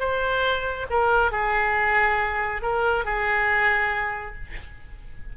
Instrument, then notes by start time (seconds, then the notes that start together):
oboe
0.00 C5
0.91 A#4
1.32 G#4
2.62 A#4
3.05 G#4